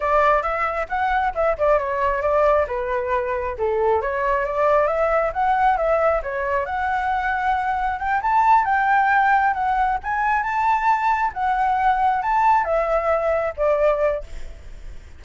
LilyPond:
\new Staff \with { instrumentName = "flute" } { \time 4/4 \tempo 4 = 135 d''4 e''4 fis''4 e''8 d''8 | cis''4 d''4 b'2 | a'4 cis''4 d''4 e''4 | fis''4 e''4 cis''4 fis''4~ |
fis''2 g''8 a''4 g''8~ | g''4. fis''4 gis''4 a''8~ | a''4. fis''2 a''8~ | a''8 e''2 d''4. | }